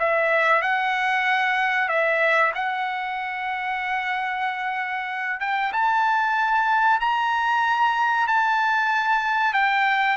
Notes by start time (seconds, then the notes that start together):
0.00 E5
0.62 F#5
1.89 E5
2.55 F#5
5.41 G5
5.73 A5
7.01 A#5
8.28 A5
9.54 G5